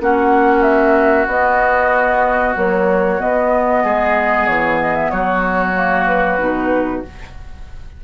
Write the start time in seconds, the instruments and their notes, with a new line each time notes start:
0.00 bassoon A#3, clarinet C#4, oboe F#4, flute F#5
0.63 flute E5
1.27 bassoon B3, clarinet B3, flute D#5
2.55 clarinet F#3, bassoon A#3, flute C#5
3.20 clarinet B3, bassoon B3, flute D#5
3.84 bassoon G#3, oboe G#4
4.47 bassoon E3, flute C#5
4.81 flute D#5
4.95 flute E5
5.11 bassoon F#3, oboe F#4, flute C#5
5.75 clarinet A#3
6.07 flute B4
6.39 bassoon B2, clarinet D#4